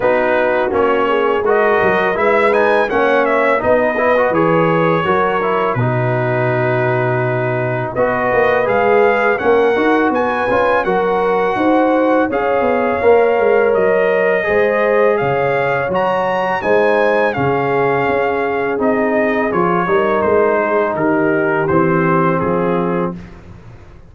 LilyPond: <<
  \new Staff \with { instrumentName = "trumpet" } { \time 4/4 \tempo 4 = 83 b'4 cis''4 dis''4 e''8 gis''8 | fis''8 e''8 dis''4 cis''2 | b'2. dis''4 | f''4 fis''4 gis''4 fis''4~ |
fis''4 f''2 dis''4~ | dis''4 f''4 ais''4 gis''4 | f''2 dis''4 cis''4 | c''4 ais'4 c''4 gis'4 | }
  \new Staff \with { instrumentName = "horn" } { \time 4/4 fis'4. gis'8 ais'4 b'4 | cis''4 b'2 ais'4 | fis'2. b'4~ | b'4 ais'4 b'4 ais'4 |
c''4 cis''2. | c''4 cis''2 c''4 | gis'2.~ gis'8 ais'8~ | ais'8 gis'8 g'2 f'4 | }
  \new Staff \with { instrumentName = "trombone" } { \time 4/4 dis'4 cis'4 fis'4 e'8 dis'8 | cis'4 dis'8 e'16 fis'16 gis'4 fis'8 e'8 | dis'2. fis'4 | gis'4 cis'8 fis'4 f'8 fis'4~ |
fis'4 gis'4 ais'2 | gis'2 fis'4 dis'4 | cis'2 dis'4 f'8 dis'8~ | dis'2 c'2 | }
  \new Staff \with { instrumentName = "tuba" } { \time 4/4 b4 ais4 gis8 fis8 gis4 | ais4 b4 e4 fis4 | b,2. b8 ais8 | gis4 ais8 dis'8 b8 cis'8 fis4 |
dis'4 cis'8 b8 ais8 gis8 fis4 | gis4 cis4 fis4 gis4 | cis4 cis'4 c'4 f8 g8 | gis4 dis4 e4 f4 | }
>>